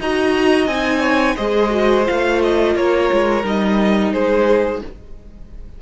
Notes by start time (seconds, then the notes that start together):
0.00 D#4 F#4 D#5 A#5
0.67 C4 D#4 G#5
1.01 C#5
1.37 G#3 G#4 C5 D#5
1.70 F#4
2.05 A3 F4 F5
2.43 D#5
2.76 A#3 A#4 C#5
3.13 G#3
3.44 G3 D#4 D#5
4.13 G#3 G#4 C5